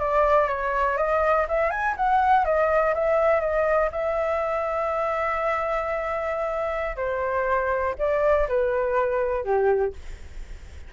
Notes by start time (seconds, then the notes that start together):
0.00 D5
0.48 C#5
0.98 D#5
1.49 E5
1.71 G#5
1.97 F#5
2.45 D#5
2.95 E5
3.41 D#5
3.92 E5
6.97 C5
7.99 D5
8.49 B4
9.44 G4